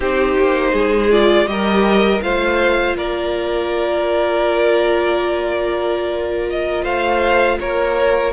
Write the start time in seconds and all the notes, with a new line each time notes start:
0.00 C4 D#4 G4 C5
0.38 A#3
0.72 G#3 G#4
1.11 F4 D5
1.46 G3 G4 A#4 D#5
2.22 A3 F4 C5 F5
2.95 A#3 A#4 D5
6.49 D#5
6.83 A3 C5 F5
7.59 A#3 A#4 C#5